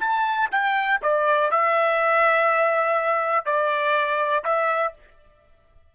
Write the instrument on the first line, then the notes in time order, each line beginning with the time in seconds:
trumpet
0.00 A5
0.52 G5
1.02 D5
1.51 E5
3.46 D5
4.44 E5